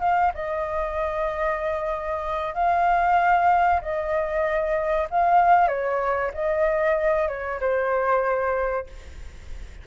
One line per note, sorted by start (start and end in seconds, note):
0.00 0.32 F5
0.34 2.54 D#5
2.54 3.80 F5
3.81 5.07 D#5
5.10 5.68 F5
5.68 6.31 C#5
6.34 7.28 D#5
7.28 7.60 C#5
7.60 8.87 C5